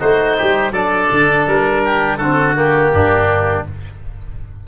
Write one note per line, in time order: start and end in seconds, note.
0.00 0.39 A3
0.00 0.73 D#4
0.00 0.37 F#4
0.00 0.73 C5
0.38 0.71 G3
0.38 0.73 G4
0.71 1.08 F#3
0.71 2.21 D4
0.71 1.82 A4
0.71 1.46 D5
1.11 1.47 D3
1.47 2.18 G3
1.47 2.18 A#4
1.85 2.18 G4
2.18 2.91 D3
2.18 2.55 C4
2.18 2.91 F#4
2.18 2.54 A4
2.55 3.65 A#3
2.55 3.68 G4
2.93 3.66 G2
2.93 3.68 D4